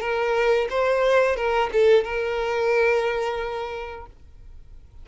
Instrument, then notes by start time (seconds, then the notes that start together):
violin
0.00 A#4
0.69 C5
1.36 A#4
1.72 A4
2.04 A#4